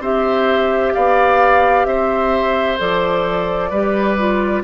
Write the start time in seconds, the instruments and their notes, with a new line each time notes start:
0.00 bassoon C4, clarinet G4, oboe C5, flute E5
0.94 bassoon B3, oboe D5, flute F5
1.85 bassoon C4, oboe C5, flute E5
2.78 bassoon F3, clarinet A4, flute D5
3.70 bassoon G3, clarinet G4, oboe B4
4.18 clarinet F4